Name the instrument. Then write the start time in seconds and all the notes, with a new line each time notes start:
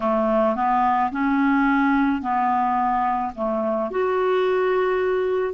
clarinet
0.00 A3
0.55 B3
1.11 C#4
2.21 B3
3.35 A3
3.90 F#4